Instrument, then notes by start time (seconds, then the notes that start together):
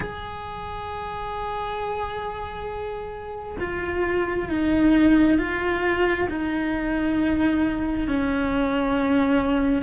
cello
0.00 G#4
3.60 F4
4.49 D#4
5.38 F4
6.29 D#4
8.07 C#4